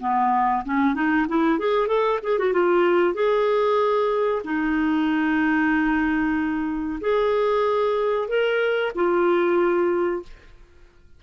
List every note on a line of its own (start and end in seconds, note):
0.00 0.64 B3
0.65 0.94 C#4
0.94 1.26 D#4
1.28 1.59 E4
1.59 1.87 G#4
1.87 2.19 A4
2.23 2.38 G#4
2.38 2.53 F#4
2.53 3.14 F4
3.14 4.42 G#4
4.44 6.99 D#4
7.01 8.28 G#4
8.28 8.92 A#4
8.95 10.22 F4